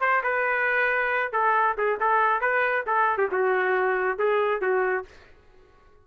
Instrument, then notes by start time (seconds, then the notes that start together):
trumpet
0.00 C5
0.23 B4
1.32 A4
1.77 G#4
1.99 A4
2.40 B4
2.86 A4
3.17 G4
3.31 F#4
4.18 G#4
4.61 F#4